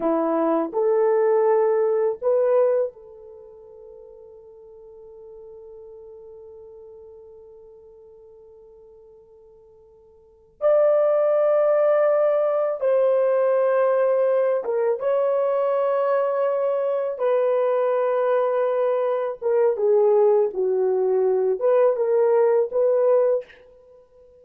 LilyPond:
\new Staff \with { instrumentName = "horn" } { \time 4/4 \tempo 4 = 82 e'4 a'2 b'4 | a'1~ | a'1~ | a'2~ a'8 d''4.~ |
d''4. c''2~ c''8 | ais'8 cis''2. b'8~ | b'2~ b'8 ais'8 gis'4 | fis'4. b'8 ais'4 b'4 | }